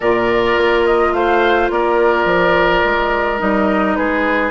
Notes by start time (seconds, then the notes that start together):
0.00 A#2 F4 A#4 D5
0.56 A#3
0.85 D#5
1.12 A3 C5 F5
1.70 A#3 A#4 D5
2.25 F3
2.84 G#3
3.39 G3 D#4 D#5
3.95 G#3 G#4 B4